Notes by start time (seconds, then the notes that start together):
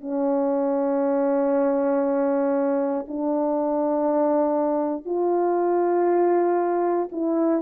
0.00 C#4
3.07 D4
5.05 F4
7.11 E4